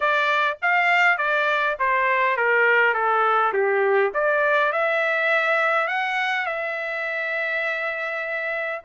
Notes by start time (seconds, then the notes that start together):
0.00 D5
0.62 F5
1.17 D5
1.79 C5
2.36 A#4
2.94 A4
3.53 G4
4.14 D5
4.72 E5
5.87 F#5
6.46 E5